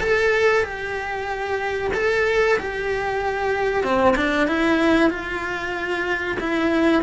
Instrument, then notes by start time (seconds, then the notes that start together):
cello
0.00 A4
0.63 G4
1.94 A4
2.59 G4
3.83 C4
4.16 D4
4.47 E4
5.10 F4
6.40 E4